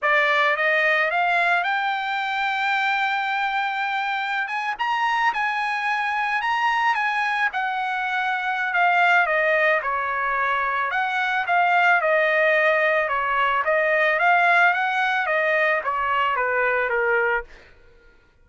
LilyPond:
\new Staff \with { instrumentName = "trumpet" } { \time 4/4 \tempo 4 = 110 d''4 dis''4 f''4 g''4~ | g''1~ | g''16 gis''8 ais''4 gis''2 ais''16~ | ais''8. gis''4 fis''2~ fis''16 |
f''4 dis''4 cis''2 | fis''4 f''4 dis''2 | cis''4 dis''4 f''4 fis''4 | dis''4 cis''4 b'4 ais'4 | }